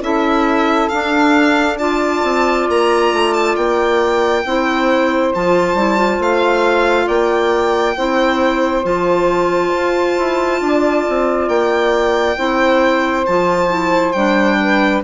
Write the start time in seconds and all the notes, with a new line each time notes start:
0.00 C#4 E4 A4 E5
0.89 D4 F5
1.77 F4 D5 A5
2.23 C4
2.69 A#3 A#5
3.13 A3
3.33 A5
3.56 A#3 G5
4.45 C4 E4 C5
5.34 F3 F4 A5
5.74 G3 E4
5.97 F4
6.19 A3 F5
7.05 A#3 D5 G5
7.97 C4 E4 C5
8.83 F3 F4 A5
9.74 F4
10.18 E4
10.61 D4 D5
11.09 C4
11.48 A#3 G5
12.37 C4 E4 C5
13.26 F3 F4 A5
13.69 E4
14.12 G3 D4 G5
14.60 B4